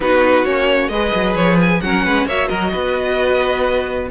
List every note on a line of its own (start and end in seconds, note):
0.00 0.45 B3
0.00 0.45 D#4
0.00 0.91 F#4
0.00 0.45 B4
0.45 0.88 A#3
0.45 0.90 C#4
0.45 0.89 C#5
0.88 1.11 G#3
0.88 1.83 G#4
0.88 1.82 B4
0.88 1.34 D#5
1.14 1.35 F#3
1.35 1.80 F3
1.35 1.57 C#5
1.60 1.80 G#5
1.80 2.05 F#3
1.80 2.28 C#4
1.80 2.04 A#4
1.80 2.26 F#5
2.04 2.25 G#3
2.04 2.27 B4
2.25 2.48 A#3
2.25 4.10 F#4
2.25 2.47 C#5
2.25 2.48 E5
2.47 2.73 F#3
2.47 2.70 A#4
2.47 4.07 D#5
2.72 4.10 B3
2.72 4.08 B4